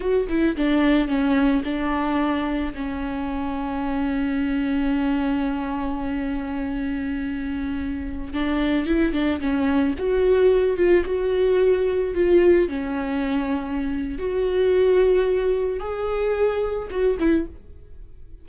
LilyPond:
\new Staff \with { instrumentName = "viola" } { \time 4/4 \tempo 4 = 110 fis'8 e'8 d'4 cis'4 d'4~ | d'4 cis'2.~ | cis'1~ | cis'2.~ cis'16 d'8.~ |
d'16 e'8 d'8 cis'4 fis'4. f'16~ | f'16 fis'2 f'4 cis'8.~ | cis'2 fis'2~ | fis'4 gis'2 fis'8 e'8 | }